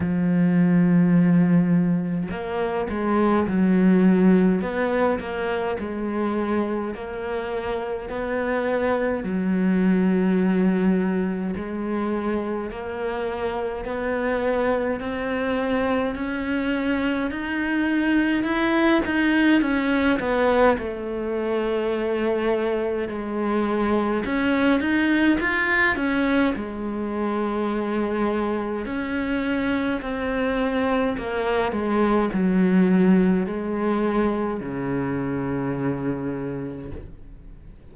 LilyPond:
\new Staff \with { instrumentName = "cello" } { \time 4/4 \tempo 4 = 52 f2 ais8 gis8 fis4 | b8 ais8 gis4 ais4 b4 | fis2 gis4 ais4 | b4 c'4 cis'4 dis'4 |
e'8 dis'8 cis'8 b8 a2 | gis4 cis'8 dis'8 f'8 cis'8 gis4~ | gis4 cis'4 c'4 ais8 gis8 | fis4 gis4 cis2 | }